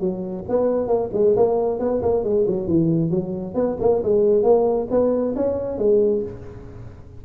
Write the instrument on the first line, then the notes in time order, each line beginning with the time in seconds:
tuba
0.00 F#3
0.48 B3
0.87 A#3
1.13 G#3
1.36 A#3
1.79 B3
2.02 A#3
2.24 G#3
2.47 F#3
2.67 E3
3.11 F#3
3.55 B3
3.80 A#3
4.03 G#3
4.43 A#3
4.91 B3
5.36 C#4
5.78 G#3